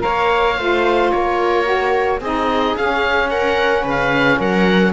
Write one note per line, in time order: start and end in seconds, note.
0.00 0.55 A#4
0.00 0.59 C#5
0.00 1.11 F5
0.06 0.59 A#3
0.59 1.13 A3
0.59 1.65 F4
0.59 1.13 C5
1.11 2.21 A#3
1.11 2.21 A#4
1.11 2.20 C#5
1.65 2.19 F#4
2.21 2.76 C4
2.21 2.79 D#4
2.21 3.30 G#4
2.21 2.77 D#5
2.77 3.85 C#4
2.77 4.94 C#4
2.77 3.30 F5
3.30 3.83 A#4
3.30 3.85 F#5
3.83 4.39 C#3
3.83 4.38 B4
3.90 4.41 F5
4.39 4.94 F#3
4.39 4.94 A#4
4.39 4.94 F#5